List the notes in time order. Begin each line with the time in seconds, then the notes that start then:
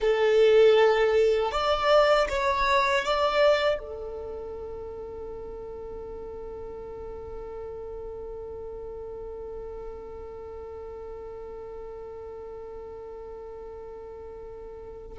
0.00 A4
1.51 D5
2.28 C#5
3.04 D5
3.78 A4